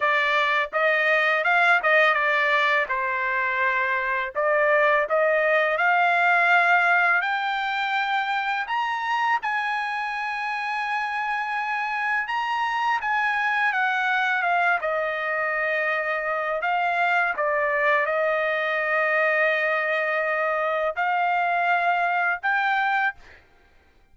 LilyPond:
\new Staff \with { instrumentName = "trumpet" } { \time 4/4 \tempo 4 = 83 d''4 dis''4 f''8 dis''8 d''4 | c''2 d''4 dis''4 | f''2 g''2 | ais''4 gis''2.~ |
gis''4 ais''4 gis''4 fis''4 | f''8 dis''2~ dis''8 f''4 | d''4 dis''2.~ | dis''4 f''2 g''4 | }